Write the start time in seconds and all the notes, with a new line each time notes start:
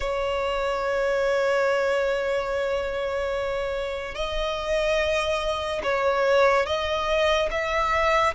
0.00 C#5
4.14 D#5
5.83 C#5
6.66 D#5
7.50 E5